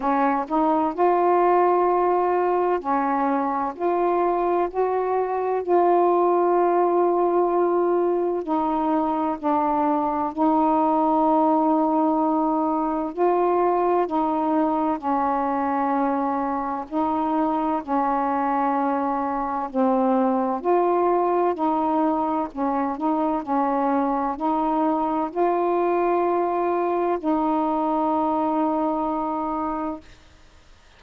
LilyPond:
\new Staff \with { instrumentName = "saxophone" } { \time 4/4 \tempo 4 = 64 cis'8 dis'8 f'2 cis'4 | f'4 fis'4 f'2~ | f'4 dis'4 d'4 dis'4~ | dis'2 f'4 dis'4 |
cis'2 dis'4 cis'4~ | cis'4 c'4 f'4 dis'4 | cis'8 dis'8 cis'4 dis'4 f'4~ | f'4 dis'2. | }